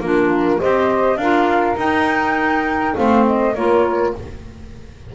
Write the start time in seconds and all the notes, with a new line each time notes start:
0.00 A#3 D4 F4 A#4
0.59 C4 G4 C5 D#5
1.17 D4 F4 A#4 F5
1.77 D#4 G5
2.96 A3 C4 C5 F5
3.27 D#5
3.55 A#3 F4 A#4 C#5